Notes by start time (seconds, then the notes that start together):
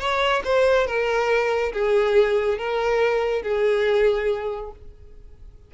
0.00 C#5
0.45 C5
0.87 A#4
1.73 G#4
2.58 A#4
3.43 G#4